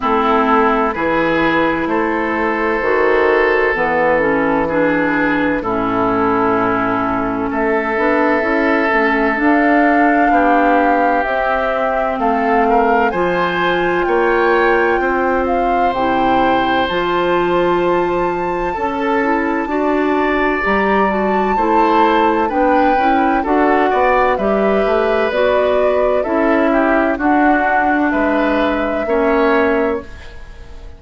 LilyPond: <<
  \new Staff \with { instrumentName = "flute" } { \time 4/4 \tempo 4 = 64 a'4 b'4 c''2 | b'8 a'8 b'4 a'2 | e''2 f''2 | e''4 f''4 gis''4 g''4~ |
g''8 f''8 g''4 a''2~ | a''2 ais''8 a''4. | g''4 fis''4 e''4 d''4 | e''4 fis''4 e''2 | }
  \new Staff \with { instrumentName = "oboe" } { \time 4/4 e'4 gis'4 a'2~ | a'4 gis'4 e'2 | a'2. g'4~ | g'4 a'8 ais'8 c''4 cis''4 |
c''1 | a'4 d''2 c''4 | b'4 a'8 d''8 b'2 | a'8 g'8 fis'4 b'4 cis''4 | }
  \new Staff \with { instrumentName = "clarinet" } { \time 4/4 c'4 e'2 fis'4 | b8 cis'8 d'4 cis'2~ | cis'8 d'8 e'8 cis'8 d'2 | c'2 f'2~ |
f'4 e'4 f'2 | a'8 e'8 fis'4 g'8 fis'8 e'4 | d'8 e'8 fis'4 g'4 fis'4 | e'4 d'2 cis'4 | }
  \new Staff \with { instrumentName = "bassoon" } { \time 4/4 a4 e4 a4 dis4 | e2 a,2 | a8 b8 cis'8 a8 d'4 b4 | c'4 a4 f4 ais4 |
c'4 c4 f2 | cis'4 d'4 g4 a4 | b8 cis'8 d'8 b8 g8 a8 b4 | cis'4 d'4 gis4 ais4 | }
>>